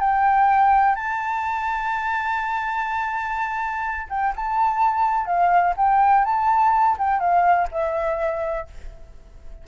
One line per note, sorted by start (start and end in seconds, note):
0.00 0.96 G5
0.96 4.08 A5
4.10 4.34 G5
4.36 5.26 A5
5.26 5.74 F5
5.77 6.25 G5
6.25 6.97 A5
6.98 7.20 G5
7.20 7.68 F5
7.72 8.68 E5